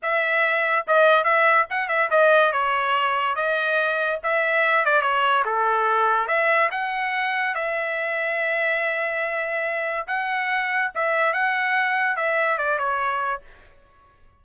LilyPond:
\new Staff \with { instrumentName = "trumpet" } { \time 4/4 \tempo 4 = 143 e''2 dis''4 e''4 | fis''8 e''8 dis''4 cis''2 | dis''2 e''4. d''8 | cis''4 a'2 e''4 |
fis''2 e''2~ | e''1 | fis''2 e''4 fis''4~ | fis''4 e''4 d''8 cis''4. | }